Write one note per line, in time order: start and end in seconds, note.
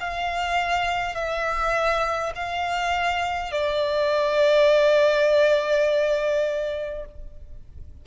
0.00 1.15 F5
1.15 2.33 E5
2.35 3.52 F5
3.52 7.05 D5